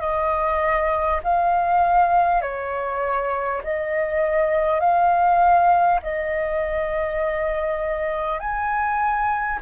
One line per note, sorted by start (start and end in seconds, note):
0.00 1.20 D#5
1.24 2.42 F5
2.42 3.62 C#5
3.64 4.81 D#5
4.81 6.01 F5
6.03 8.40 D#5
8.40 9.60 G#5